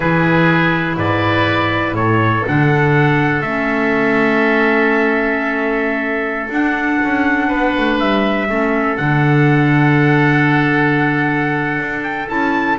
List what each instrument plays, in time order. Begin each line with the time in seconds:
0.00 double bass E3, clarinet E4, oboe G#4, trumpet B4
0.96 double bass G#2, oboe B4, trumpet D5
1.94 double bass A2, oboe A4, trumpet C#5
2.46 double bass D3, clarinet D4, trumpet F#5
3.41 double bass A3, clarinet C#4, trumpet E5
6.49 double bass D4, clarinet D4, trumpet F#5
7.03 double bass C#4
7.48 double bass B3, oboe B4
7.77 double bass A3
7.99 double bass G3, trumpet E5
8.49 double bass A3, clarinet C#4, oboe A4
8.96 double bass D3, clarinet D4, trumpet F#5
11.79 double bass D4
12.03 trumpet G5
12.27 double bass C#4, clarinet E4, trumpet A5